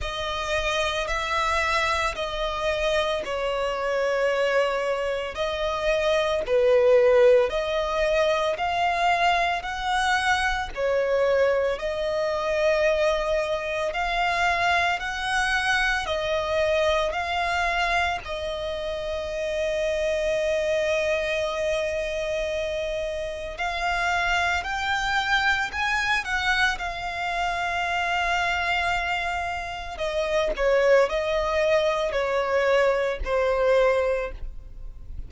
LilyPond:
\new Staff \with { instrumentName = "violin" } { \time 4/4 \tempo 4 = 56 dis''4 e''4 dis''4 cis''4~ | cis''4 dis''4 b'4 dis''4 | f''4 fis''4 cis''4 dis''4~ | dis''4 f''4 fis''4 dis''4 |
f''4 dis''2.~ | dis''2 f''4 g''4 | gis''8 fis''8 f''2. | dis''8 cis''8 dis''4 cis''4 c''4 | }